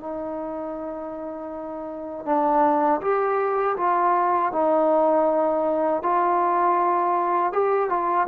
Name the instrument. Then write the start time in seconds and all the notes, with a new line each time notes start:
trombone
0.00 D#4
2.25 D4
3.01 G4
3.77 F4
4.52 D#4
6.02 F4
7.52 G4
7.89 F4